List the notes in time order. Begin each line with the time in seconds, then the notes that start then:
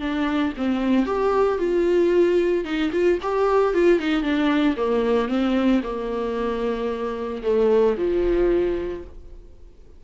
0.00 D4
0.57 C4
1.05 G4
1.58 F4
2.64 D#4
2.92 F4
3.22 G4
3.74 F4
3.99 D#4
4.23 D4
4.76 A#3
5.28 C4
5.83 A#3
7.43 A3
7.97 F3